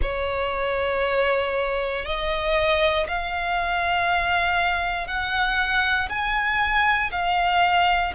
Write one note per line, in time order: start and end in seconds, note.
0.01 2.05 C#5
2.05 3.06 D#5
3.07 5.07 F5
5.07 6.08 F#5
6.09 7.10 G#5
7.11 8.13 F5